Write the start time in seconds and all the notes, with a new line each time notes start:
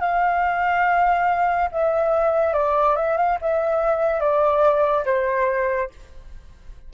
0.00 F5
1.72 E5
2.54 D5
2.96 E5
3.17 F5
3.41 E5
4.20 D5
5.05 C5